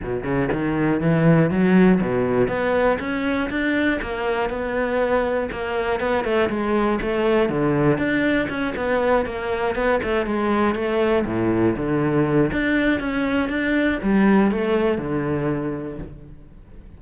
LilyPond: \new Staff \with { instrumentName = "cello" } { \time 4/4 \tempo 4 = 120 b,8 cis8 dis4 e4 fis4 | b,4 b4 cis'4 d'4 | ais4 b2 ais4 | b8 a8 gis4 a4 d4 |
d'4 cis'8 b4 ais4 b8 | a8 gis4 a4 a,4 d8~ | d4 d'4 cis'4 d'4 | g4 a4 d2 | }